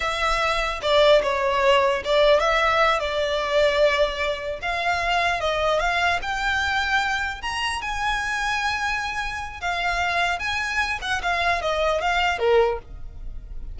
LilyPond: \new Staff \with { instrumentName = "violin" } { \time 4/4 \tempo 4 = 150 e''2 d''4 cis''4~ | cis''4 d''4 e''4. d''8~ | d''2.~ d''8 f''8~ | f''4. dis''4 f''4 g''8~ |
g''2~ g''8 ais''4 gis''8~ | gis''1 | f''2 gis''4. fis''8 | f''4 dis''4 f''4 ais'4 | }